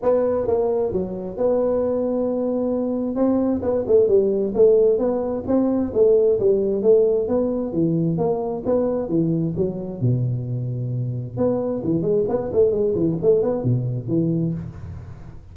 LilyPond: \new Staff \with { instrumentName = "tuba" } { \time 4/4 \tempo 4 = 132 b4 ais4 fis4 b4~ | b2. c'4 | b8 a8 g4 a4 b4 | c'4 a4 g4 a4 |
b4 e4 ais4 b4 | e4 fis4 b,2~ | b,4 b4 e8 gis8 b8 a8 | gis8 e8 a8 b8 b,4 e4 | }